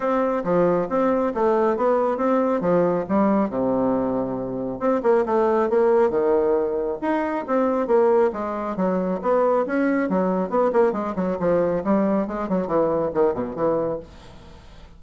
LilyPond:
\new Staff \with { instrumentName = "bassoon" } { \time 4/4 \tempo 4 = 137 c'4 f4 c'4 a4 | b4 c'4 f4 g4 | c2. c'8 ais8 | a4 ais4 dis2 |
dis'4 c'4 ais4 gis4 | fis4 b4 cis'4 fis4 | b8 ais8 gis8 fis8 f4 g4 | gis8 fis8 e4 dis8 b,8 e4 | }